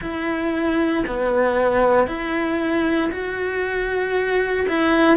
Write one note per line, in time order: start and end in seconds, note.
0.01 1.04 E4
1.06 2.07 B3
2.07 3.10 E4
3.11 4.66 F#4
4.68 5.16 E4